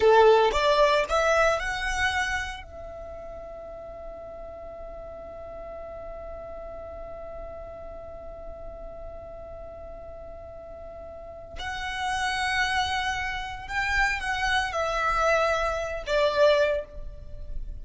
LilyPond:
\new Staff \with { instrumentName = "violin" } { \time 4/4 \tempo 4 = 114 a'4 d''4 e''4 fis''4~ | fis''4 e''2.~ | e''1~ | e''1~ |
e''1~ | e''2 fis''2~ | fis''2 g''4 fis''4 | e''2~ e''8 d''4. | }